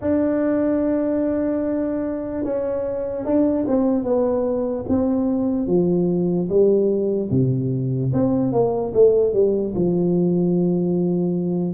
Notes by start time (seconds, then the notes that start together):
0.01 D4
2.44 C#4
3.25 D4
3.67 C4
4.03 B3
4.88 C4
5.66 F3
6.49 G3
7.30 C3
8.13 C4
8.52 A#3
8.94 A3
9.33 G3
9.75 F3